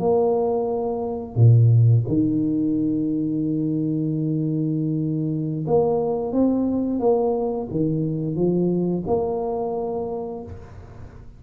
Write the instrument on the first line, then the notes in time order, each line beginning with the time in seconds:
tuba
0.00 A#3
1.36 A#2
2.08 D#3
5.67 A#3
6.33 C4
7.00 A#3
7.71 D#3
8.36 F3
9.07 A#3